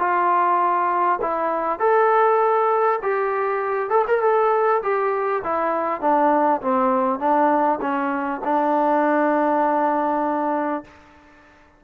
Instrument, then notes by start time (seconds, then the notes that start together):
trombone
0.00 F4
1.22 E4
1.80 A4
3.03 G4
3.90 A4
4.08 A#4
4.22 A4
4.83 G4
5.44 E4
6.01 D4
6.62 C4
7.20 D4
7.81 C#4
8.45 D4